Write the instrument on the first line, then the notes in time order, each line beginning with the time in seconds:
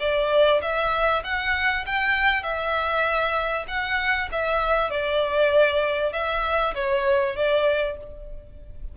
violin
0.00 D5
0.62 E5
1.24 F#5
1.86 G5
2.43 E5
3.68 F#5
4.32 E5
4.90 D5
6.13 E5
6.75 C#5
7.36 D5